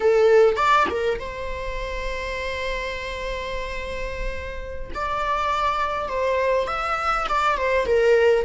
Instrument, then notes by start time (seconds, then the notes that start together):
viola
0.00 A4
0.56 D5
0.89 A#4
1.19 C5
4.94 D5
6.08 C5
6.67 E5
7.28 D5
7.57 C5
7.86 A#4